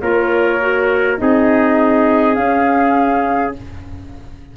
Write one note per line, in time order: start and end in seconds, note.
0.00 1.19 A#3
0.00 0.60 F4
0.00 1.20 A#4
0.00 1.18 C#5
0.60 1.17 F#4
1.17 2.36 C4
1.17 2.35 D#4
1.17 3.56 G#4
1.17 2.34 D#5
2.34 3.53 C#4
2.34 3.54 C#4
2.34 3.51 F5